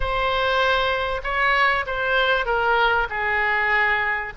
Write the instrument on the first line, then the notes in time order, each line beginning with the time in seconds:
oboe
0.00 C5
1.23 C#5
1.86 C5
2.45 A#4
3.09 G#4